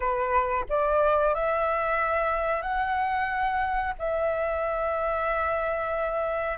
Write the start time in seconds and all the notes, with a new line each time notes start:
0.00 B4
0.69 D5
1.34 E5
2.62 F#5
3.98 E5